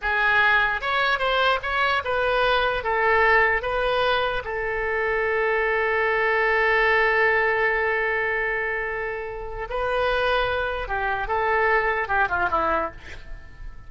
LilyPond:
\new Staff \with { instrumentName = "oboe" } { \time 4/4 \tempo 4 = 149 gis'2 cis''4 c''4 | cis''4 b'2 a'4~ | a'4 b'2 a'4~ | a'1~ |
a'1~ | a'1 | b'2. g'4 | a'2 g'8 f'8 e'4 | }